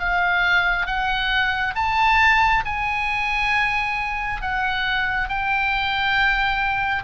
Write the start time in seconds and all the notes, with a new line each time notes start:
0.00 F5
0.87 F#5
1.76 A5
2.66 G#5
4.42 F#5
5.29 G5